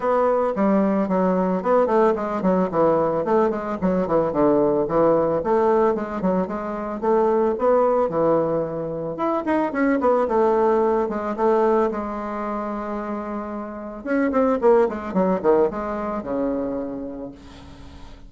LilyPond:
\new Staff \with { instrumentName = "bassoon" } { \time 4/4 \tempo 4 = 111 b4 g4 fis4 b8 a8 | gis8 fis8 e4 a8 gis8 fis8 e8 | d4 e4 a4 gis8 fis8 | gis4 a4 b4 e4~ |
e4 e'8 dis'8 cis'8 b8 a4~ | a8 gis8 a4 gis2~ | gis2 cis'8 c'8 ais8 gis8 | fis8 dis8 gis4 cis2 | }